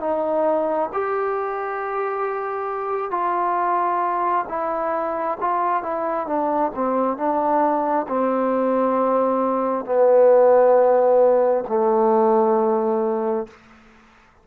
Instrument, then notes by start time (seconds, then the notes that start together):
trombone
0.00 D#4
0.93 G4
3.11 F4
4.49 E4
5.41 F4
5.83 E4
6.27 D4
6.75 C4
7.17 D4
8.08 C4
9.85 B3
11.68 A3